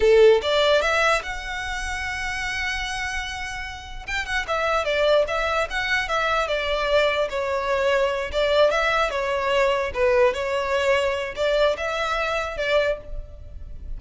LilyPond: \new Staff \with { instrumentName = "violin" } { \time 4/4 \tempo 4 = 148 a'4 d''4 e''4 fis''4~ | fis''1~ | fis''2 g''8 fis''8 e''4 | d''4 e''4 fis''4 e''4 |
d''2 cis''2~ | cis''8 d''4 e''4 cis''4.~ | cis''8 b'4 cis''2~ cis''8 | d''4 e''2 d''4 | }